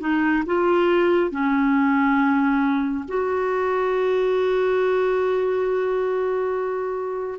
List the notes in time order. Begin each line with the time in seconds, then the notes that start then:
0.00 D#4
0.46 F4
1.31 C#4
3.08 F#4